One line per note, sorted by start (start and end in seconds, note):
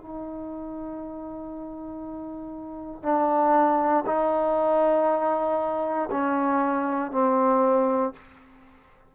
0.00 3.02 D#4
3.02 4.04 D4
4.06 6.09 D#4
6.11 7.11 C#4
7.11 8.13 C4